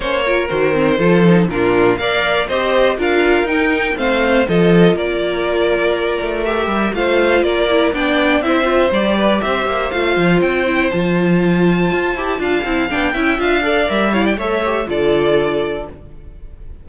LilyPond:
<<
  \new Staff \with { instrumentName = "violin" } { \time 4/4 \tempo 4 = 121 cis''4 c''2 ais'4 | f''4 dis''4 f''4 g''4 | f''4 dis''4 d''2~ | d''4 e''4 f''4 d''4 |
g''4 e''4 d''4 e''4 | f''4 g''4 a''2~ | a''2 g''4 f''4 | e''8 f''16 g''16 e''4 d''2 | }
  \new Staff \with { instrumentName = "violin" } { \time 4/4 c''8 ais'4. a'4 f'4 | d''4 c''4 ais'2 | c''4 a'4 ais'2~ | ais'2 c''4 ais'4 |
d''4 c''4. b'8 c''4~ | c''1~ | c''4 f''4. e''4 d''8~ | d''8 cis''16 d''16 cis''4 a'2 | }
  \new Staff \with { instrumentName = "viola" } { \time 4/4 cis'8 f'8 fis'8 c'8 f'8 dis'8 d'4 | ais'4 g'4 f'4 dis'4 | c'4 f'2.~ | f'4 g'4 f'4. e'8 |
d'4 e'8 f'8 g'2 | f'4. e'8 f'2~ | f'8 g'8 f'8 e'8 d'8 e'8 f'8 a'8 | ais'8 e'8 a'8 g'8 f'2 | }
  \new Staff \with { instrumentName = "cello" } { \time 4/4 ais4 dis4 f4 ais,4 | ais4 c'4 d'4 dis'4 | a4 f4 ais2~ | ais8 a4 g8 a4 ais4 |
b4 c'4 g4 c'8 ais8 | a8 f8 c'4 f2 | f'8 e'8 d'8 c'8 b8 cis'8 d'4 | g4 a4 d2 | }
>>